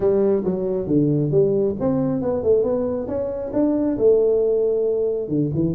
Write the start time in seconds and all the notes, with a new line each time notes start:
0.00 G3
0.44 F#3
0.87 D3
1.31 G3
1.79 C4
2.21 B3
2.43 A3
2.63 B3
3.07 C#4
3.53 D4
3.97 A3
5.28 D3
5.54 E3